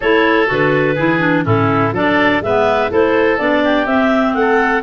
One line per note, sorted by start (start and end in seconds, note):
0.00 0.50 A3
0.00 0.46 E4
0.00 0.95 A4
0.00 0.49 C#5
0.46 0.98 D3
0.46 0.94 F#4
0.46 1.46 B4
0.95 1.45 E3
0.95 1.19 E4
0.95 1.43 G#4
1.19 1.43 D4
1.43 1.92 A2
1.43 1.92 C#4
1.43 1.93 E4
1.43 1.94 A4
1.92 2.40 F#3
1.92 2.42 D4
1.92 2.42 A4
1.92 2.42 D5
2.41 2.89 G#3
2.41 2.90 B3
2.41 2.91 B4
2.41 2.91 E5
2.90 3.39 A3
2.90 3.38 E4
2.90 3.63 A4
2.90 3.37 C5
3.37 3.86 B3
3.37 3.86 D4
3.37 3.86 D5
3.63 4.36 G4
3.86 4.34 C4
3.86 4.82 C4
3.86 4.33 E5
4.33 4.82 A3
4.33 4.82 F#5
4.40 4.82 A4